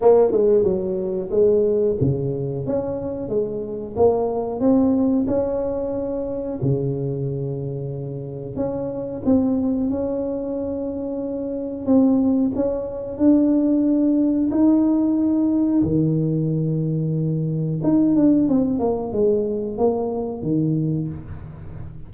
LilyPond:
\new Staff \with { instrumentName = "tuba" } { \time 4/4 \tempo 4 = 91 ais8 gis8 fis4 gis4 cis4 | cis'4 gis4 ais4 c'4 | cis'2 cis2~ | cis4 cis'4 c'4 cis'4~ |
cis'2 c'4 cis'4 | d'2 dis'2 | dis2. dis'8 d'8 | c'8 ais8 gis4 ais4 dis4 | }